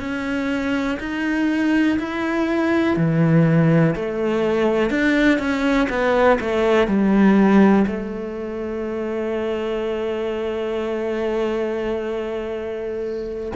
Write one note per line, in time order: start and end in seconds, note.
0.00 0.98 C#4
1.00 1.98 D#4
1.99 2.96 E4
2.96 3.95 E3
3.95 4.90 A3
4.90 5.39 D4
5.39 5.88 C#4
5.89 6.38 B3
6.40 6.88 A3
6.88 7.86 G3
7.87 13.53 A3